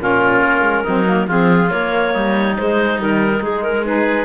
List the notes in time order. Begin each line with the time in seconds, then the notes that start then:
0.00 A#2 C#4 F4 A#4
0.42 A#3
0.62 G#3
0.83 F#3 C4 D#4
1.06 A#3
1.27 F3 C4 F4 G#4
1.69 A#3 C#5
2.13 G3 D#4
2.57 G#3 C5
2.97 D#3 G3 A#4
3.41 G#3 G#4
3.63 A#4
3.86 D#4 G#4 B4